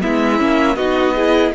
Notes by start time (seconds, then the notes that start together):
0.00 G#3 B3 E4 E5
0.38 A#3 C#4
0.75 B3 D#4 F#4 D#5
1.15 E4 G#4